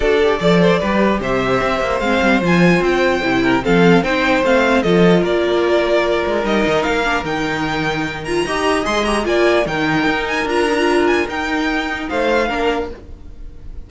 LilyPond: <<
  \new Staff \with { instrumentName = "violin" } { \time 4/4 \tempo 4 = 149 d''2. e''4~ | e''4 f''4 gis''4 g''4~ | g''4 f''4 g''4 f''4 | dis''4 d''2. |
dis''4 f''4 g''2~ | g''8 ais''4. c'''8 ais''8 gis''4 | g''4. gis''8 ais''4. gis''8 | g''2 f''2 | }
  \new Staff \with { instrumentName = "violin" } { \time 4/4 a'4 d''8 c''8 b'4 c''4~ | c''1~ | c''8 ais'8 a'4 c''2 | a'4 ais'2.~ |
ais'1~ | ais'4 dis''2 d''4 | ais'1~ | ais'2 c''4 ais'4 | }
  \new Staff \with { instrumentName = "viola" } { \time 4/4 fis'8 g'8 a'4 g'2~ | g'4 c'4 f'2 | e'4 c'4 dis'4 c'4 | f'1 |
dis'4. d'8 dis'2~ | dis'8 f'8 g'4 gis'8 g'8 f'4 | dis'2 f'8 dis'16 f'4~ f'16 | dis'2. d'4 | }
  \new Staff \with { instrumentName = "cello" } { \time 4/4 d'4 f4 g4 c4 | c'8 ais8 gis8 g8 f4 c'4 | c4 f4 c'4 a4 | f4 ais2~ ais8 gis8 |
g8 dis8 ais4 dis2~ | dis4 dis'4 gis4 ais4 | dis4 dis'4 d'2 | dis'2 a4 ais4 | }
>>